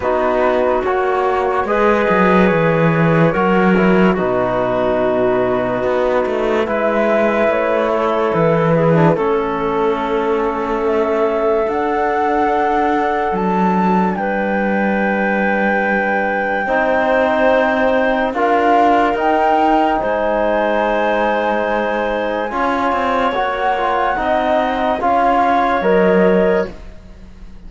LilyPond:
<<
  \new Staff \with { instrumentName = "flute" } { \time 4/4 \tempo 4 = 72 b'4 cis''4 dis''4 cis''4~ | cis''4 b'2. | e''4 cis''4 b'4 a'4~ | a'4 e''4 fis''2 |
a''4 g''2.~ | g''2 f''4 g''4 | gis''1 | fis''2 f''4 dis''4 | }
  \new Staff \with { instrumentName = "clarinet" } { \time 4/4 fis'2 b'2 | ais'4 fis'2. | b'4. a'4 gis'8 a'4~ | a'1~ |
a'4 b'2. | c''2 ais'2 | c''2. cis''4~ | cis''4 dis''4 cis''2 | }
  \new Staff \with { instrumentName = "trombone" } { \time 4/4 dis'4 fis'4 gis'2 | fis'8 e'8 dis'2. | e'2~ e'8. d'16 cis'4~ | cis'2 d'2~ |
d'1 | dis'2 f'4 dis'4~ | dis'2. f'4 | fis'8 f'8 dis'4 f'4 ais'4 | }
  \new Staff \with { instrumentName = "cello" } { \time 4/4 b4 ais4 gis8 fis8 e4 | fis4 b,2 b8 a8 | gis4 a4 e4 a4~ | a2 d'2 |
fis4 g2. | c'2 d'4 dis'4 | gis2. cis'8 c'8 | ais4 c'4 cis'4 fis4 | }
>>